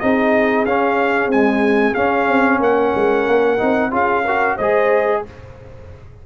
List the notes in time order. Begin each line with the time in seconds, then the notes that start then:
0.00 C4 D#4 G#4 D#5
0.65 C#4 F5
1.27 G#3 C4 G#5
1.95 C#4 F5
2.29 C4
2.60 A#3 A#4 F#5
2.96 G#3
3.28 A#3
3.58 C4 D#4
3.91 C#4 F4 G#4 F5
4.24 F#4 A#4
4.56 G#3 G#4 C5 D#5